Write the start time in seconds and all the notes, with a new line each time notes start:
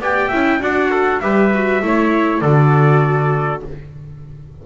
0.00 B3 G4 D5 G5
0.29 C#4 E4 E5
0.60 D4 F#4 D5 F#5
0.91 A4
1.21 G3 G4 B4 E5
1.55 F#4
1.82 A3 E4 C#5
2.41 D3 F#4 A4 D5